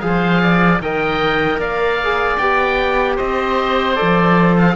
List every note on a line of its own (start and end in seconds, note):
0.00 0.80 F3
0.00 0.80 G#4
0.00 0.42 C5
0.00 0.79 F5
0.42 0.82 D5
0.80 1.57 D#3
0.80 2.00 A#4
0.80 1.59 D#5
0.80 1.61 G5
1.57 2.36 A#3
1.57 3.15 D5
1.57 2.37 F5
2.04 2.41 G#4
2.37 3.19 B3
2.37 3.95 G4
2.37 3.16 G5
3.15 3.99 C4
3.15 4.73 C5
3.15 3.96 D#5
3.95 4.74 A4
3.95 4.55 D5
4.02 4.76 F3
4.58 4.76 F5